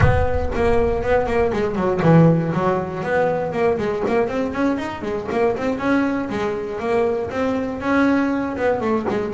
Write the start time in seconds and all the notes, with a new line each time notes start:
0.00 B3
0.55 A#3
1.02 B3
1.26 A#3
1.52 G#3
1.75 F#3
2.02 E3
2.53 F#3
3.03 B3
3.52 A#3
3.77 G#3
4.07 A#3
4.28 C4
4.53 C#4
4.78 D#4
5.02 G#3
5.31 A#3
5.56 C4
5.78 C#4
6.29 G#3
6.79 A#3
7.30 C4
7.80 C#4
8.56 B3
8.80 A3
9.08 G#3